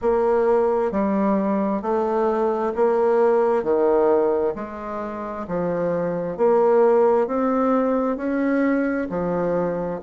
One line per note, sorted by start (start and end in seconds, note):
0.01 0.91 A#3
0.91 1.82 G3
1.82 2.73 A3
2.75 3.63 A#3
3.63 4.54 D#3
4.55 5.46 G#3
5.48 6.37 F3
6.37 7.27 A#3
7.27 8.16 C4
8.16 9.07 C#4
9.09 10.00 F3